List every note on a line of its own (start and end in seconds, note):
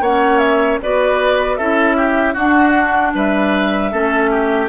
0.00 0.78 A#3
0.00 0.82 C#4
0.00 0.79 C#5
0.00 0.38 F#5
0.38 0.77 E5
0.81 1.58 B3
0.81 1.59 F#4
0.81 1.57 B4
0.81 1.56 D5
1.56 2.35 C#4
1.56 2.36 E4
1.56 1.96 A4
1.56 2.34 E5
1.97 2.33 G4
2.33 3.13 D4
2.33 3.92 D4
2.33 3.11 F#4
2.33 3.12 F#5
3.14 3.92 G3
3.14 3.91 B4
3.14 4.68 E5
3.91 4.68 A3
3.91 4.68 C#4
3.91 4.30 A4
4.31 4.68 G4